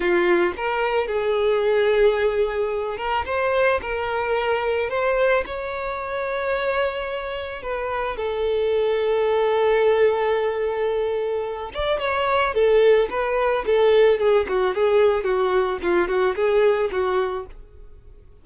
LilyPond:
\new Staff \with { instrumentName = "violin" } { \time 4/4 \tempo 4 = 110 f'4 ais'4 gis'2~ | gis'4. ais'8 c''4 ais'4~ | ais'4 c''4 cis''2~ | cis''2 b'4 a'4~ |
a'1~ | a'4. d''8 cis''4 a'4 | b'4 a'4 gis'8 fis'8 gis'4 | fis'4 f'8 fis'8 gis'4 fis'4 | }